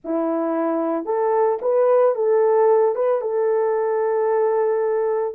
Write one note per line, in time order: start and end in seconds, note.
0.04 1.05 E4
1.05 1.58 A4
1.61 2.15 B4
2.15 2.95 A4
2.95 3.21 B4
3.21 5.34 A4